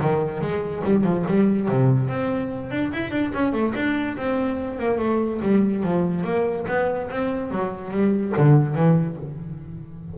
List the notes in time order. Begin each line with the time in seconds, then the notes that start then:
0.00 D#3
0.41 G#3
0.84 G3
1.04 F3
1.27 G3
1.68 C3
2.08 C4
2.71 D4
2.92 E4
3.11 D4
3.34 C#4
3.52 A3
3.75 D4
4.16 C4
4.79 A#3
4.98 A3
5.41 G3
5.83 F3
6.23 A#3
6.67 B3
7.10 C4
7.51 F#3
7.91 G3
8.37 D3
8.75 E3